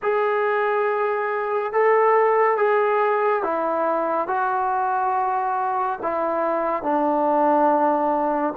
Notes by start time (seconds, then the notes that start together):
0.02 G#4
1.73 A4
2.57 G#4
3.43 E4
4.27 F#4
6.02 E4
6.82 D4